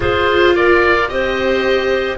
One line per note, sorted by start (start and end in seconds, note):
0.00 1.08 F4
0.00 0.53 G#4
0.00 0.55 C5
0.55 1.10 A#4
0.55 1.08 D5
1.08 2.17 C4
1.08 2.17 G4
1.08 2.17 C5
1.08 2.17 D#5